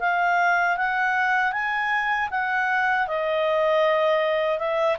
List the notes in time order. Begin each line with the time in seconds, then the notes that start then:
0.00 F5
0.77 F#5
1.52 G#5
2.31 F#5
3.07 D#5
4.59 E5